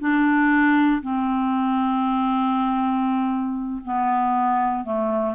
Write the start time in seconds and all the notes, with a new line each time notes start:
0.00 D4
1.02 C4
3.85 B3
4.84 A3